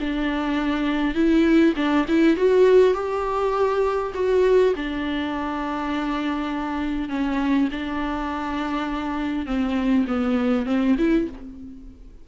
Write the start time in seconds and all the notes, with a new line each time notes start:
0.00 D4
1.14 E4
1.76 D4
2.08 E4
2.36 F#4
2.94 G4
4.14 F#4
4.76 D4
7.09 C#4
7.71 D4
9.46 C4
10.07 B3
10.66 C4
10.98 E4